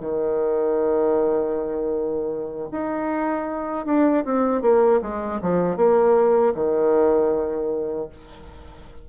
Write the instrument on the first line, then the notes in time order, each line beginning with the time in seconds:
bassoon
0.00 D#3
2.72 D#4
3.86 D4
4.25 C4
4.62 A#3
5.02 G#3
5.42 F3
5.77 A#3
6.55 D#3